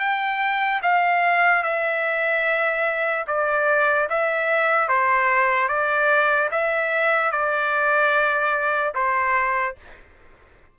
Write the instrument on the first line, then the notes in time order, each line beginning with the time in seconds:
trumpet
0.00 G5
0.83 F5
1.63 E5
3.27 D5
4.09 E5
4.89 C5
5.68 D5
6.51 E5
7.32 D5
8.95 C5